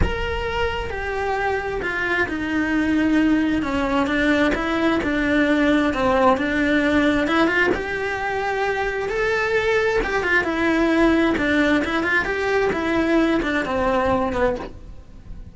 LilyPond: \new Staff \with { instrumentName = "cello" } { \time 4/4 \tempo 4 = 132 ais'2 g'2 | f'4 dis'2. | cis'4 d'4 e'4 d'4~ | d'4 c'4 d'2 |
e'8 f'8 g'2. | a'2 g'8 f'8 e'4~ | e'4 d'4 e'8 f'8 g'4 | e'4. d'8 c'4. b8 | }